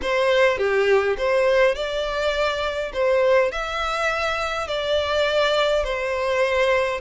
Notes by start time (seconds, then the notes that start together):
0.02 C5
0.58 G4
1.17 C5
1.75 D5
2.93 C5
3.51 E5
4.67 D5
5.84 C5